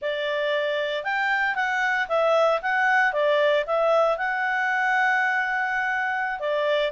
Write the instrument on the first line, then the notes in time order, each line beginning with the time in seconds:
clarinet
0.01 D5
1.04 G5
1.55 F#5
2.08 E5
2.62 F#5
3.12 D5
3.66 E5
4.17 F#5
6.39 D5